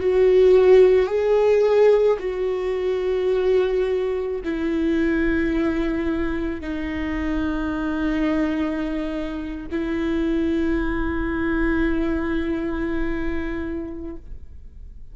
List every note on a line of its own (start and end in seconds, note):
0.00 1.07 F#4
1.07 2.18 G#4
2.19 4.41 F#4
4.44 6.61 E4
6.61 9.67 D#4
9.72 14.16 E4